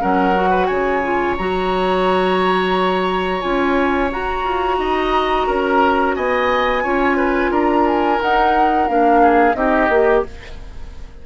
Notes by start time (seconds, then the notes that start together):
0.00 F#3 C#4 A#4 F#5
0.35 F#4
0.50 B4
0.66 C#3 C#5 G#5
1.03 F4
1.37 F#3 F#4 A#5
3.41 C#4 F4 G#5
4.11 F#4 A#5
4.44 F4
4.78 D#4 D#5
5.47 C#4 A#4
6.16 B3 D#5 G#5
6.83 C#4 F4 C#5
7.17 B4
7.50 D4 A#4 A#5
7.87 G#5
8.19 D#4 F#5
8.87 A#3 D4 F5
9.22 G#4
9.54 C4 D#4 G4 D#5
9.89 A#3 G4